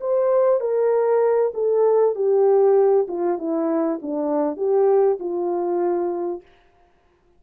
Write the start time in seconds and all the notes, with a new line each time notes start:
0.00 C5
0.60 A#4
1.54 A4
2.15 G4
3.08 F4
3.38 E4
4.01 D4
4.56 G4
5.19 F4